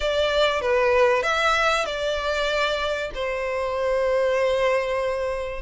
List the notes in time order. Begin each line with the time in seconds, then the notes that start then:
0.00 D5
0.61 B4
1.22 E5
1.85 D5
3.14 C5